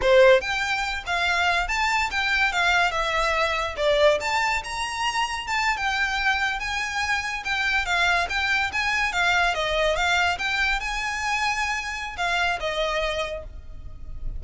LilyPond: \new Staff \with { instrumentName = "violin" } { \time 4/4 \tempo 4 = 143 c''4 g''4. f''4. | a''4 g''4 f''4 e''4~ | e''4 d''4 a''4 ais''4~ | ais''4 a''8. g''2 gis''16~ |
gis''4.~ gis''16 g''4 f''4 g''16~ | g''8. gis''4 f''4 dis''4 f''16~ | f''8. g''4 gis''2~ gis''16~ | gis''4 f''4 dis''2 | }